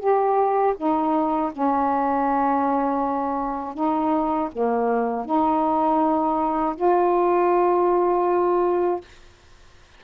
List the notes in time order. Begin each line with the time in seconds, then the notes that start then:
0.00 G4
0.77 D#4
1.52 C#4
3.75 D#4
4.52 A#3
5.26 D#4
6.76 F4